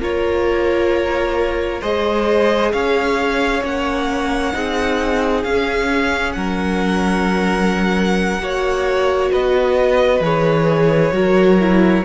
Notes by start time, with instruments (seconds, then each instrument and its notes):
0.00 cello A#3, viola F4, violin A#4 C#5
1.81 cello G#3, viola G#4, violin C5 D#5
2.72 cello C#4, violin C#5 F5
3.62 cello A#3, viola C#4, violin F#5
4.53 cello C4, viola D#4, violin G#4
5.44 cello C#4, viola C#4, violin F5
6.33 cello F#3, violin A#4 F#5
8.39 cello A#3, viola F#4, violin C#5
9.32 cello B3, violin B4 D#5
10.20 cello E3, viola G#4, violin C#5
11.12 cello F#3, viola F#4, violin A#4
11.59 viola E4